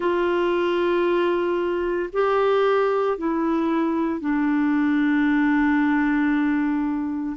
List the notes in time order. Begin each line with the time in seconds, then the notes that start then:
0.00 F4
2.12 G4
3.17 E4
4.20 D4